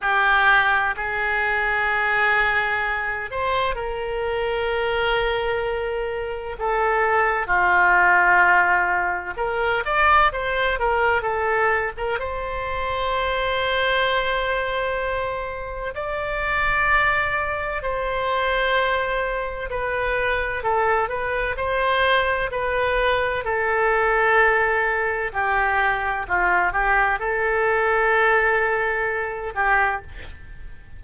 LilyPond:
\new Staff \with { instrumentName = "oboe" } { \time 4/4 \tempo 4 = 64 g'4 gis'2~ gis'8 c''8 | ais'2. a'4 | f'2 ais'8 d''8 c''8 ais'8 | a'8. ais'16 c''2.~ |
c''4 d''2 c''4~ | c''4 b'4 a'8 b'8 c''4 | b'4 a'2 g'4 | f'8 g'8 a'2~ a'8 g'8 | }